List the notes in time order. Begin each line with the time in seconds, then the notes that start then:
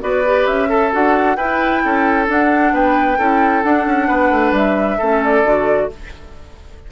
0.00 B3 F#4 B4 D5
0.25 G4
0.46 C#4 E5
0.68 A4
0.92 D4 F#4 F#5
1.36 E4 B4 G5
1.84 C#4 A4
2.27 D4 F#5
2.72 B3 B4 G5
3.18 C#4 E4 A4
3.63 D4 F#5
3.86 C#4
4.07 B3 B4
4.30 A3
4.52 G3 E5
4.98 A3 C#4 A4
5.24 D5
5.43 D3 F#4